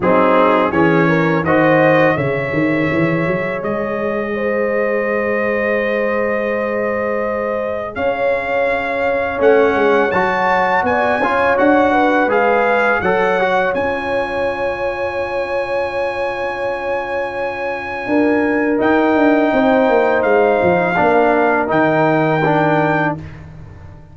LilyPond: <<
  \new Staff \with { instrumentName = "trumpet" } { \time 4/4 \tempo 4 = 83 gis'4 cis''4 dis''4 e''4~ | e''4 dis''2.~ | dis''2. f''4~ | f''4 fis''4 a''4 gis''4 |
fis''4 f''4 fis''4 gis''4~ | gis''1~ | gis''2 g''2 | f''2 g''2 | }
  \new Staff \with { instrumentName = "horn" } { \time 4/4 dis'4 gis'8 ais'8 c''4 cis''4~ | cis''2 c''2~ | c''2. cis''4~ | cis''2. d''8 cis''8~ |
cis''8 b'4. cis''2~ | cis''1~ | cis''4 ais'2 c''4~ | c''4 ais'2. | }
  \new Staff \with { instrumentName = "trombone" } { \time 4/4 c'4 cis'4 fis'4 gis'4~ | gis'1~ | gis'1~ | gis'4 cis'4 fis'4. f'8 |
fis'4 gis'4 a'8 fis'8 f'4~ | f'1~ | f'2 dis'2~ | dis'4 d'4 dis'4 d'4 | }
  \new Staff \with { instrumentName = "tuba" } { \time 4/4 fis4 e4 dis4 cis8 dis8 | e8 fis8 gis2.~ | gis2. cis'4~ | cis'4 a8 gis8 fis4 b8 cis'8 |
d'4 gis4 fis4 cis'4~ | cis'1~ | cis'4 d'4 dis'8 d'8 c'8 ais8 | gis8 f8 ais4 dis2 | }
>>